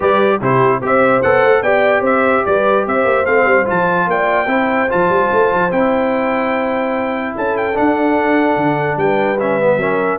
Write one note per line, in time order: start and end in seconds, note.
0.00 0.41 G3
0.00 0.41 G4
0.00 0.39 B4
0.00 0.42 D5
0.40 0.81 C3
0.40 0.81 E4
0.40 0.81 G4
0.40 0.83 C5
0.81 1.22 C4
0.81 1.22 G4
0.81 1.62 C5
0.81 1.22 E5
1.22 1.44 B3
1.22 1.64 A4
1.22 1.62 F#5
1.44 1.61 A3
1.61 2.01 B3
1.61 3.26 G4
1.61 2.01 D5
1.61 2.03 G5
2.01 2.42 C4
2.01 2.42 C5
2.01 2.45 E5
2.45 2.86 G3
2.45 2.86 B4
2.45 2.86 D5
2.86 3.04 C4
2.86 4.08 C5
2.86 3.25 E5
3.04 3.25 A#3
3.25 3.45 A3
3.25 3.64 C4
3.25 3.66 F5
3.45 3.65 G3
3.64 4.06 F3
3.64 4.46 F4
3.64 4.09 A5
4.06 4.46 A#3
4.06 4.49 D5
4.06 4.91 G5
4.46 4.87 C4
4.46 4.88 E4
4.46 7.34 C5
4.88 5.09 F3
4.88 5.70 F4
4.88 5.71 A5
5.09 5.29 G3
5.32 5.52 A3
5.52 5.71 F3
5.70 7.35 C4
5.70 7.73 E4
5.70 7.34 G5
7.34 7.77 C#4
7.34 8.97 A4
7.34 7.57 A5
7.57 7.77 G5
7.73 9.36 D4
7.73 8.56 D4
7.73 8.98 F#5
8.56 8.96 D3
8.96 9.77 G3
8.96 9.79 B4
8.96 9.39 G5
9.39 9.60 C#4
9.39 10.19 E5
9.60 9.79 B3
9.77 10.17 F#3
9.77 10.19 C#4
9.77 10.19 A#4